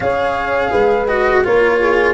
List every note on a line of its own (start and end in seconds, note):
0.00 0.71 C#4
0.00 1.08 G#4
0.00 0.70 C#5
0.00 1.07 F5
0.70 1.44 G#3
0.70 1.43 B4
1.07 1.44 F#4
1.07 1.43 D#5
1.44 2.13 A#3
1.44 2.13 F4
1.44 1.80 A#4
1.44 2.13 C#5
1.80 2.13 G#4